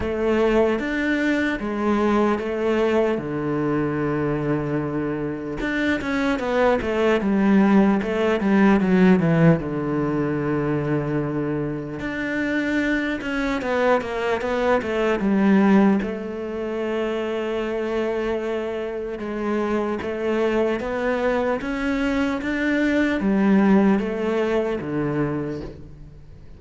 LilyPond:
\new Staff \with { instrumentName = "cello" } { \time 4/4 \tempo 4 = 75 a4 d'4 gis4 a4 | d2. d'8 cis'8 | b8 a8 g4 a8 g8 fis8 e8 | d2. d'4~ |
d'8 cis'8 b8 ais8 b8 a8 g4 | a1 | gis4 a4 b4 cis'4 | d'4 g4 a4 d4 | }